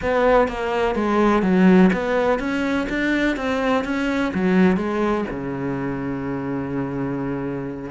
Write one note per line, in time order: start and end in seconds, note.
0.02 0.48 B3
0.48 0.95 A#3
0.95 1.42 G#3
1.42 1.90 F#3
1.92 2.39 B3
2.39 2.87 C#4
2.89 3.36 D4
3.36 3.84 C4
3.84 4.32 C#4
4.34 4.76 F#3
4.76 5.24 G#3
5.30 7.90 C#3